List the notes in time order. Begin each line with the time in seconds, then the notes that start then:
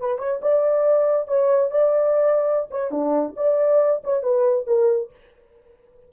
0.00 B4
0.19 C#5
0.41 D5
1.27 C#5
1.71 D5
2.71 C#5
2.91 D4
3.37 D5
4.04 C#5
4.23 B4
4.67 A#4